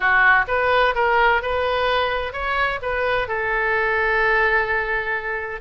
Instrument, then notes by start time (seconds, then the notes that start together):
oboe
0.00 F#4
0.47 B4
0.95 A#4
1.42 B4
2.32 C#5
2.81 B4
3.28 A4